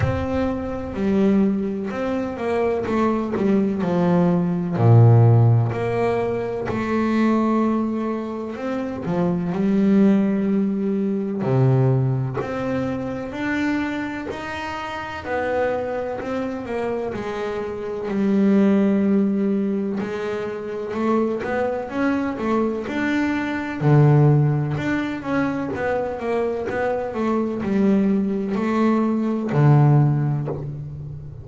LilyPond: \new Staff \with { instrumentName = "double bass" } { \time 4/4 \tempo 4 = 63 c'4 g4 c'8 ais8 a8 g8 | f4 ais,4 ais4 a4~ | a4 c'8 f8 g2 | c4 c'4 d'4 dis'4 |
b4 c'8 ais8 gis4 g4~ | g4 gis4 a8 b8 cis'8 a8 | d'4 d4 d'8 cis'8 b8 ais8 | b8 a8 g4 a4 d4 | }